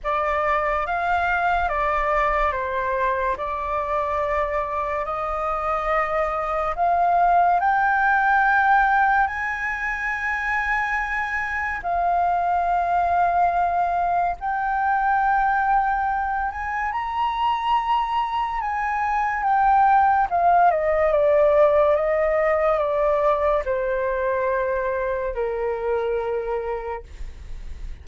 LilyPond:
\new Staff \with { instrumentName = "flute" } { \time 4/4 \tempo 4 = 71 d''4 f''4 d''4 c''4 | d''2 dis''2 | f''4 g''2 gis''4~ | gis''2 f''2~ |
f''4 g''2~ g''8 gis''8 | ais''2 gis''4 g''4 | f''8 dis''8 d''4 dis''4 d''4 | c''2 ais'2 | }